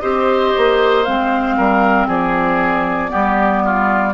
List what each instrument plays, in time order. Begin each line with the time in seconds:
0.00 bassoon C4, clarinet G4, oboe C5, flute D#5
0.57 bassoon A#3
1.04 bassoon G#3, clarinet C4, flute F5
1.57 bassoon G3, oboe A#4
2.07 bassoon F3, oboe G#4, flute D5
3.09 bassoon G3, clarinet B3, oboe G4
3.64 oboe F4